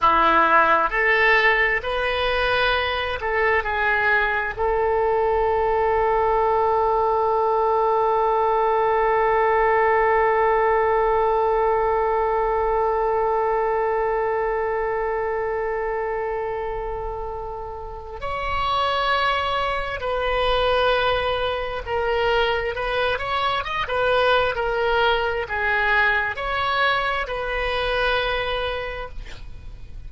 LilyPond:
\new Staff \with { instrumentName = "oboe" } { \time 4/4 \tempo 4 = 66 e'4 a'4 b'4. a'8 | gis'4 a'2.~ | a'1~ | a'1~ |
a'1 | cis''2 b'2 | ais'4 b'8 cis''8 dis''16 b'8. ais'4 | gis'4 cis''4 b'2 | }